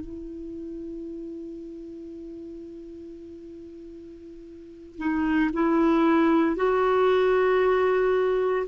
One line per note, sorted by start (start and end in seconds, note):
0.00 4.98 E4
4.98 5.50 D#4
5.53 6.56 E4
6.56 8.67 F#4